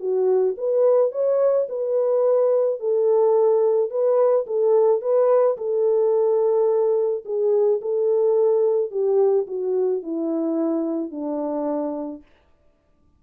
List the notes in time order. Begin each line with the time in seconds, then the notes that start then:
0.00 F#4
0.57 B4
1.12 C#5
1.69 B4
2.80 A4
3.90 B4
4.47 A4
5.02 B4
5.58 A4
7.25 G#4
7.81 A4
8.91 G4
9.47 F#4
10.03 E4
11.11 D4